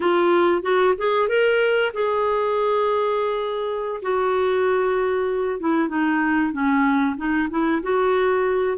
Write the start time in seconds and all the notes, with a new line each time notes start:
0.00 F4
0.62 F#4
0.97 G#4
1.28 A#4
1.93 G#4
4.02 F#4
5.60 E4
5.88 D#4
6.52 C#4
7.16 D#4
7.50 E4
7.82 F#4